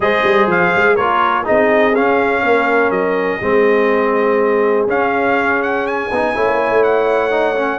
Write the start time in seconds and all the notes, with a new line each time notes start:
0.00 G#3 G#4 C5 D#5
0.23 G3
0.47 F3 F5
0.75 G#3
0.94 A#3 F4 A#4 C#5
1.44 C4 D#4 G#4 D#5
1.95 C#4 F5
2.43 A#3 A#4
2.90 F#3 D#5
3.41 G#3 C4 G#4
4.86 C#4 F5
5.62 F#5
5.86 G#5
6.11 B3 D#4
6.34 A3 E4 C#5
6.47 A#3
6.70 A3
6.83 F#5
7.30 D#4
7.55 C#4